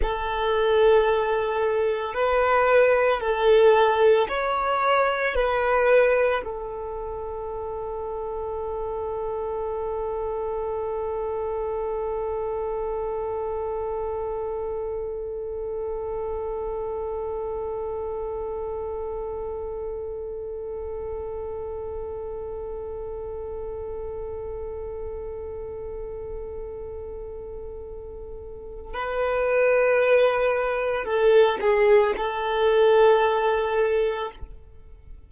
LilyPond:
\new Staff \with { instrumentName = "violin" } { \time 4/4 \tempo 4 = 56 a'2 b'4 a'4 | cis''4 b'4 a'2~ | a'1~ | a'1~ |
a'1~ | a'1~ | a'2. b'4~ | b'4 a'8 gis'8 a'2 | }